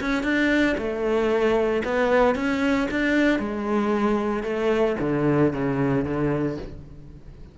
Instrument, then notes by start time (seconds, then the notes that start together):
cello
0.00 C#4
0.23 D4
0.77 A3
1.84 B3
2.35 C#4
2.91 D4
3.39 G#3
4.43 A3
5.00 D3
5.53 C#3
6.05 D3